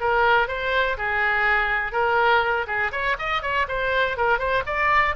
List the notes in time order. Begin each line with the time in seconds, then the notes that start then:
0.00 A#4
0.47 C5
0.97 G#4
1.92 A#4
2.67 G#4
2.92 C#5
3.19 D#5
3.42 C#5
3.68 C5
4.17 A#4
4.38 C5
4.66 D5